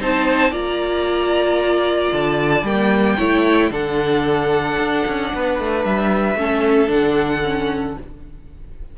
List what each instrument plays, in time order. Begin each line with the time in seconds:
0.00 cello C4, viola D#4, violin C5 A5
0.51 cello A#3, viola F4, violin D5 A#5
2.12 cello D3, violin A5
2.62 cello G3, viola A#3, violin G5
3.17 cello A3, viola E4, violin C#5
3.71 cello D3, viola D4, violin A4 F#5
4.78 cello D4
5.07 cello C#4
5.34 cello B3, violin B4
5.60 cello A3
5.85 cello G3, violin E5
6.36 cello A3, viola C#4, violin A4
6.87 cello D3, viola D4, violin F#5
7.44 viola C#4